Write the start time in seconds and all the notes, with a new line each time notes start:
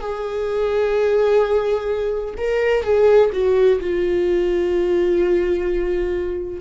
0.00 G#4
2.37 A#4
2.83 G#4
3.32 F#4
3.80 F4